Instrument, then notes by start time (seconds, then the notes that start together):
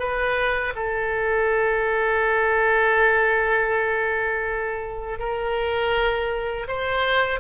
oboe
0.00 B4
0.76 A4
5.19 A#4
6.68 C5